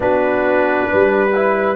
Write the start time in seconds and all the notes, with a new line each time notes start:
0.00 B3 D4 F#4 B4
0.88 G3 B4
1.35 E4